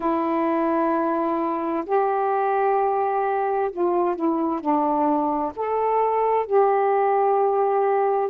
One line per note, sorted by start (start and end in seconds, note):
0.00 1.84 E4
1.86 3.70 G4
3.71 4.15 F4
4.15 4.60 E4
4.60 5.52 D4
5.56 6.46 A4
6.46 8.29 G4